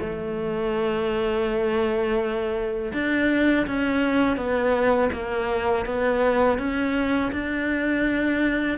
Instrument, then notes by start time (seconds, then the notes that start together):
cello
0.00 A3
2.94 D4
3.67 C#4
4.37 B3
5.13 A#3
5.86 B3
6.59 C#4
7.32 D4